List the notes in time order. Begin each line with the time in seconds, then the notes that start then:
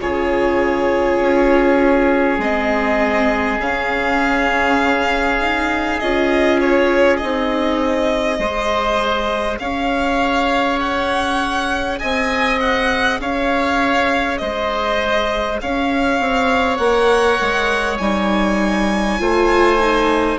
0.00 C#3 F4 G#4 C#5
1.20 C#4
2.39 G#3 C4 D#5
3.60 C#3 C#4 F5
5.41 D#4
6.00 C#4 F4 D#5
6.60 C#5
7.17 C4 D#4 D#5
8.39 G#3 G#4 C5
9.59 C#4 C#5 F5
10.80 F#5
11.99 C4 D#5 G#5
12.61 F#5
13.20 C#4 C#5 F5
14.38 G#3 C5 D#5
15.61 C#4 C#5 F5
16.20 C4
16.77 A#3 A#4 F#5
17.41 G#3
17.98 G3 D#4 G#5
19.19 A3 F4 C5
19.79 D#4